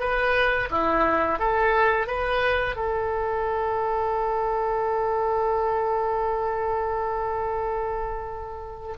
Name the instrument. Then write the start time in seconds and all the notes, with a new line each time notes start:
oboe
0.00 B4
0.70 E4
1.39 A4
2.07 B4
2.76 A4